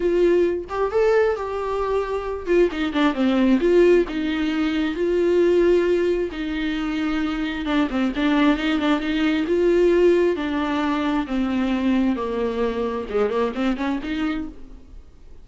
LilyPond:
\new Staff \with { instrumentName = "viola" } { \time 4/4 \tempo 4 = 133 f'4. g'8 a'4 g'4~ | g'4. f'8 dis'8 d'8 c'4 | f'4 dis'2 f'4~ | f'2 dis'2~ |
dis'4 d'8 c'8 d'4 dis'8 d'8 | dis'4 f'2 d'4~ | d'4 c'2 ais4~ | ais4 gis8 ais8 c'8 cis'8 dis'4 | }